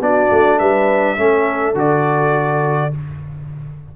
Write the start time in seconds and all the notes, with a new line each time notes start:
0.00 B3 D4 F#4 D5
0.31 A3
0.59 G3 B4 E5
1.17 A3 C#4 A4
1.74 D3 F#4 D5